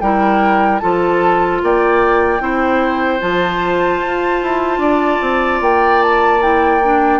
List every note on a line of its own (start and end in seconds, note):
0.00 0.81 G3
0.00 0.81 E4
0.00 0.81 A#4
0.00 0.79 G5
0.79 1.62 F3
0.79 2.39 F4
0.79 1.61 A4
0.79 1.59 A5
1.62 2.40 A#3
1.62 2.42 D5
1.62 3.20 G5
2.39 3.20 C4
2.39 3.19 E4
2.39 4.80 C5
3.20 4.01 F3
3.20 6.40 F4
3.20 5.60 A5
4.01 4.41 F4
4.42 4.78 E4
4.78 5.18 D4
4.78 7.20 D5
5.21 5.61 C4
5.61 7.20 A#3
5.61 6.02 G5
6.02 6.42 A5
6.41 6.81 E4
6.41 7.20 G5
6.83 7.20 D4